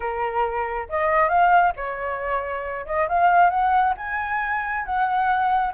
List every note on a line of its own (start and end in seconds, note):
0.00 0.88 A#4
0.89 1.28 D#5
1.28 1.72 F5
1.76 2.86 C#5
2.86 3.08 D#5
3.08 3.50 F5
3.50 3.94 F#5
3.97 4.85 G#5
4.85 5.73 F#5